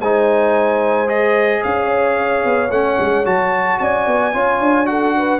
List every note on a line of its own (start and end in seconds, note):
0.00 1.62 G#3
0.00 1.07 D#4
0.00 1.63 C5
0.00 1.09 G#5
1.07 2.69 G#4
1.07 1.63 D#5
1.63 2.44 C#4
1.63 3.81 C#5
1.63 2.71 F5
2.44 2.70 B3
2.70 2.97 A3
2.70 3.25 C#4
2.70 3.25 F#5
2.99 3.25 G#3
3.25 3.79 F#3
3.25 4.33 F#4
3.25 3.79 A5
3.79 4.07 C#4
3.79 4.35 D5
3.79 4.86 G#5
4.07 4.34 B3
4.33 4.60 C#4
4.33 4.85 F4
4.33 4.89 C#5
4.60 5.39 D4
4.85 5.39 F#4
4.85 5.16 A4
4.85 5.39 F#5
5.17 5.39 B4